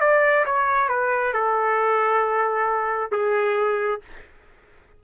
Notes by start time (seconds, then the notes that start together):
0.00 D5
0.45 C#5
0.89 B4
1.34 A4
3.11 G#4